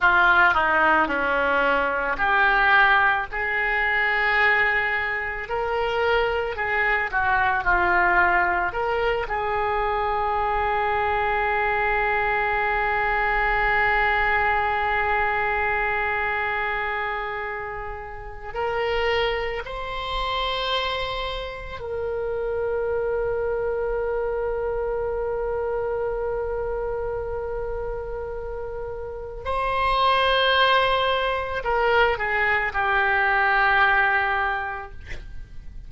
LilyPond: \new Staff \with { instrumentName = "oboe" } { \time 4/4 \tempo 4 = 55 f'8 dis'8 cis'4 g'4 gis'4~ | gis'4 ais'4 gis'8 fis'8 f'4 | ais'8 gis'2.~ gis'8~ | gis'1~ |
gis'4 ais'4 c''2 | ais'1~ | ais'2. c''4~ | c''4 ais'8 gis'8 g'2 | }